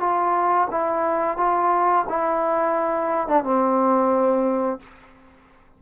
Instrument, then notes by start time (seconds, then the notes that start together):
trombone
0.00 F4
0.71 E4
1.37 F4
2.09 E4
3.28 D4
3.44 C4